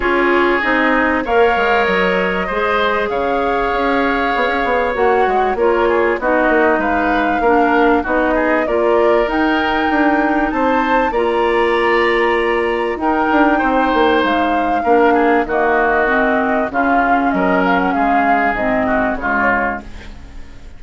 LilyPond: <<
  \new Staff \with { instrumentName = "flute" } { \time 4/4 \tempo 4 = 97 cis''4 dis''4 f''4 dis''4~ | dis''4 f''2. | fis''4 cis''4 dis''4 f''4~ | f''4 dis''4 d''4 g''4~ |
g''4 a''4 ais''2~ | ais''4 g''2 f''4~ | f''4 dis''2 f''4 | dis''8 f''16 fis''16 f''4 dis''4 cis''4 | }
  \new Staff \with { instrumentName = "oboe" } { \time 4/4 gis'2 cis''2 | c''4 cis''2.~ | cis''4 ais'8 gis'8 fis'4 b'4 | ais'4 fis'8 gis'8 ais'2~ |
ais'4 c''4 d''2~ | d''4 ais'4 c''2 | ais'8 gis'8 fis'2 f'4 | ais'4 gis'4. fis'8 f'4 | }
  \new Staff \with { instrumentName = "clarinet" } { \time 4/4 f'4 dis'4 ais'2 | gis'1 | fis'4 f'4 dis'2 | d'4 dis'4 f'4 dis'4~ |
dis'2 f'2~ | f'4 dis'2. | d'4 ais4 c'4 cis'4~ | cis'2 c'4 gis4 | }
  \new Staff \with { instrumentName = "bassoon" } { \time 4/4 cis'4 c'4 ais8 gis8 fis4 | gis4 cis4 cis'4 b16 cis'16 b8 | ais8 gis8 ais4 b8 ais8 gis4 | ais4 b4 ais4 dis'4 |
d'4 c'4 ais2~ | ais4 dis'8 d'8 c'8 ais8 gis4 | ais4 dis2 cis4 | fis4 gis4 gis,4 cis4 | }
>>